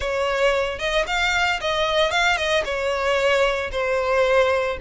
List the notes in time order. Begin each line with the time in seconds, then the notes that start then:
0.00 C#5
0.78 D#5
1.06 F5
1.60 D#5
2.11 F5
2.37 D#5
2.64 C#5
3.71 C5